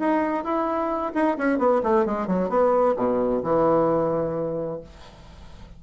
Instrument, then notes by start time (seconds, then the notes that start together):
bassoon
0.00 D#4
0.44 E4
1.15 D#4
1.38 C#4
1.59 B3
1.83 A3
2.06 G#3
2.28 F#3
2.50 B3
2.97 B2
3.43 E3